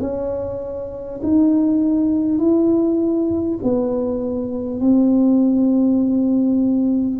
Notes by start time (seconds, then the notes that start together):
0.00 C#4
1.23 D#4
2.38 E4
3.63 B3
4.80 C4